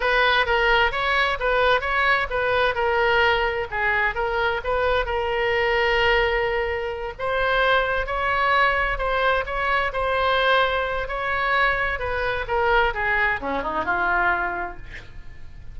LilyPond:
\new Staff \with { instrumentName = "oboe" } { \time 4/4 \tempo 4 = 130 b'4 ais'4 cis''4 b'4 | cis''4 b'4 ais'2 | gis'4 ais'4 b'4 ais'4~ | ais'2.~ ais'8 c''8~ |
c''4. cis''2 c''8~ | c''8 cis''4 c''2~ c''8 | cis''2 b'4 ais'4 | gis'4 cis'8 dis'8 f'2 | }